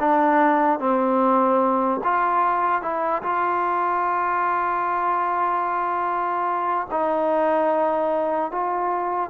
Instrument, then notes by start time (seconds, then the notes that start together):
trombone
0.00 D4
0.80 C4
2.04 F4
2.82 E4
3.23 F4
6.91 D#4
8.52 F4